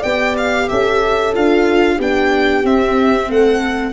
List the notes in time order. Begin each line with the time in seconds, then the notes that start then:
0.00 B3 G4 D5 G5
0.38 F5
0.69 C#4 A4 E5
1.34 D4 F4 F5
1.96 B3 D4 G4 G5
2.63 C4 E5
3.29 A3 A4 F#5